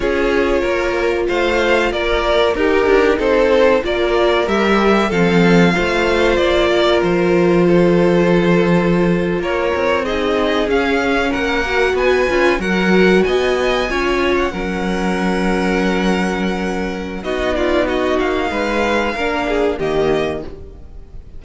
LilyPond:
<<
  \new Staff \with { instrumentName = "violin" } { \time 4/4 \tempo 4 = 94 cis''2 f''4 d''4 | ais'4 c''4 d''4 e''4 | f''2 d''4 c''4~ | c''2~ c''8. cis''4 dis''16~ |
dis''8. f''4 fis''4 gis''4 fis''16~ | fis''8. gis''4.~ gis''16 fis''4.~ | fis''2. dis''8 d''8 | dis''8 f''2~ f''8 dis''4 | }
  \new Staff \with { instrumentName = "violin" } { \time 4/4 gis'4 ais'4 c''4 ais'4 | g'4 a'4 ais'2 | a'4 c''4. ais'4. | a'2~ a'8. ais'4 gis'16~ |
gis'4.~ gis'16 ais'4 b'4 ais'16~ | ais'8. dis''4 cis''4 ais'4~ ais'16~ | ais'2. fis'8 f'8 | fis'4 b'4 ais'8 gis'8 g'4 | }
  \new Staff \with { instrumentName = "viola" } { \time 4/4 f'1 | dis'2 f'4 g'4 | c'4 f'2.~ | f'2.~ f'8. dis'16~ |
dis'8. cis'4. fis'4 f'8 fis'16~ | fis'4.~ fis'16 f'4 cis'4~ cis'16~ | cis'2. dis'4~ | dis'2 d'4 ais4 | }
  \new Staff \with { instrumentName = "cello" } { \time 4/4 cis'4 ais4 a4 ais4 | dis'8 d'8 c'4 ais4 g4 | f4 a4 ais4 f4~ | f2~ f8. ais8 c'8.~ |
c'8. cis'4 ais4 b8 cis'8 fis16~ | fis8. b4 cis'4 fis4~ fis16~ | fis2. b4~ | b8 ais8 gis4 ais4 dis4 | }
>>